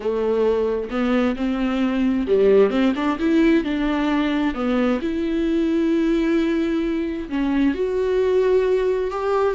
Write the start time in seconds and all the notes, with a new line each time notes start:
0.00 A3
0.90 B3
1.36 C4
2.27 G3
2.70 C4
2.95 D4
3.19 E4
3.64 D4
4.54 B3
5.01 E4
7.29 C#4
7.74 F#4
9.10 G4